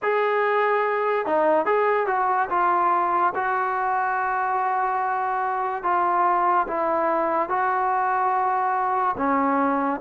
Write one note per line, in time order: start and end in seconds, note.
0.02 1.26 G#4
1.26 1.65 D#4
1.65 2.06 G#4
2.06 2.48 F#4
2.49 3.33 F4
3.34 5.83 F#4
5.83 6.66 F4
6.67 7.48 E4
7.48 9.15 F#4
9.17 10.00 C#4